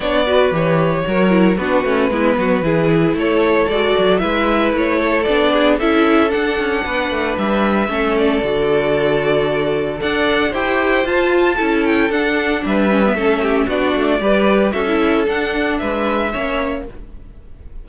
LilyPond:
<<
  \new Staff \with { instrumentName = "violin" } { \time 4/4 \tempo 4 = 114 d''4 cis''2 b'4~ | b'2 cis''4 d''4 | e''4 cis''4 d''4 e''4 | fis''2 e''4. d''8~ |
d''2. fis''4 | g''4 a''4. g''8 fis''4 | e''2 d''2 | e''4 fis''4 e''2 | }
  \new Staff \with { instrumentName = "violin" } { \time 4/4 cis''8 b'4. ais'4 fis'4 | e'8 fis'8 gis'4 a'2 | b'4. a'4 gis'8 a'4~ | a'4 b'2 a'4~ |
a'2. d''4 | c''2 a'2 | b'4 a'8 g'8 fis'4 b'4 | a'2 b'4 cis''4 | }
  \new Staff \with { instrumentName = "viola" } { \time 4/4 d'8 fis'8 g'4 fis'8 e'8 d'8 cis'8 | b4 e'2 fis'4 | e'2 d'4 e'4 | d'2. cis'4 |
fis'2. a'4 | g'4 f'4 e'4 d'4~ | d'8 cis'16 b16 cis'4 d'4 g'4 | fis'16 e'8. d'2 cis'4 | }
  \new Staff \with { instrumentName = "cello" } { \time 4/4 b4 e4 fis4 b8 a8 | gis8 fis8 e4 a4 gis8 fis8 | gis4 a4 b4 cis'4 | d'8 cis'8 b8 a8 g4 a4 |
d2. d'4 | e'4 f'4 cis'4 d'4 | g4 a4 b8 a8 g4 | cis'4 d'4 gis4 ais4 | }
>>